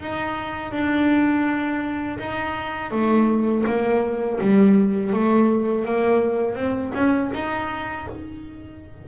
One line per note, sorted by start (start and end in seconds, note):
0.00 0.72 D#4
0.72 2.18 D4
2.19 2.91 D#4
2.91 3.64 A3
3.66 4.39 A#3
4.41 5.13 G3
5.13 5.85 A3
5.85 6.55 A#3
6.55 6.92 C4
6.94 7.31 C#4
7.34 8.07 D#4